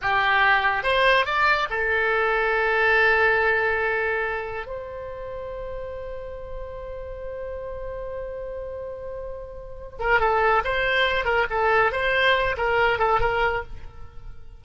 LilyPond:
\new Staff \with { instrumentName = "oboe" } { \time 4/4 \tempo 4 = 141 g'2 c''4 d''4 | a'1~ | a'2. c''4~ | c''1~ |
c''1~ | c''2.~ c''8 ais'8 | a'4 c''4. ais'8 a'4 | c''4. ais'4 a'8 ais'4 | }